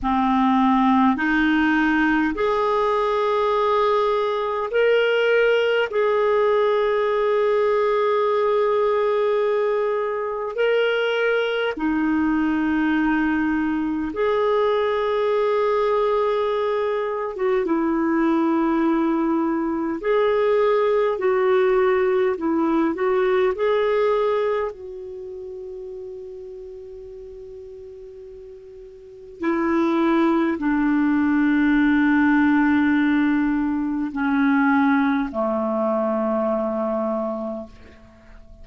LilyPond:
\new Staff \with { instrumentName = "clarinet" } { \time 4/4 \tempo 4 = 51 c'4 dis'4 gis'2 | ais'4 gis'2.~ | gis'4 ais'4 dis'2 | gis'2~ gis'8. fis'16 e'4~ |
e'4 gis'4 fis'4 e'8 fis'8 | gis'4 fis'2.~ | fis'4 e'4 d'2~ | d'4 cis'4 a2 | }